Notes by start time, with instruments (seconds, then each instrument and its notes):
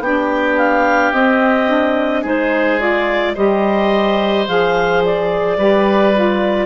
0.00 bassoon B3, saxophone D4, oboe G4, clarinet G5
0.58 clarinet F5
1.13 bassoon C4, saxophone C4, clarinet D#5
1.69 saxophone D4
2.22 bassoon G#3, saxophone D#4, oboe G#4, clarinet C5
2.79 saxophone F4, clarinet D5
3.35 bassoon G3, saxophone G4, oboe C5, clarinet D#5
4.48 bassoon F3, saxophone G#4, clarinet F5
5.05 clarinet D5
5.57 bassoon G3, saxophone G4, oboe B4
6.14 saxophone F4